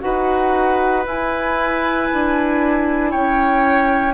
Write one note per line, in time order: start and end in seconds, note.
0.00 1.06 D#4
0.00 1.03 F#4
0.00 3.10 B4
0.00 1.04 F#5
1.06 2.09 E4
1.06 4.13 E4
1.06 3.11 G#5
2.12 3.14 D4
3.10 4.13 C#4
3.10 4.13 C#5
3.10 4.13 G5